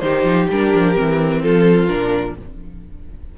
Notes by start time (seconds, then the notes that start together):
0.00 D#3 D#4 G4 C5
0.24 F3
0.50 G3 D4 A#4
0.74 F3
0.95 E3 C4
1.42 F3 F4 A4
1.88 A#2 D4 A#4